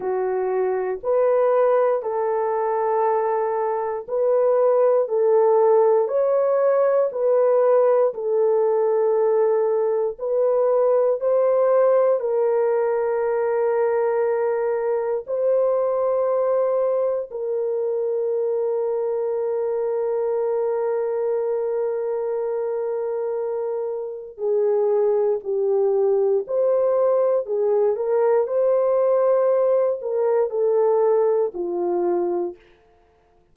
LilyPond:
\new Staff \with { instrumentName = "horn" } { \time 4/4 \tempo 4 = 59 fis'4 b'4 a'2 | b'4 a'4 cis''4 b'4 | a'2 b'4 c''4 | ais'2. c''4~ |
c''4 ais'2.~ | ais'1 | gis'4 g'4 c''4 gis'8 ais'8 | c''4. ais'8 a'4 f'4 | }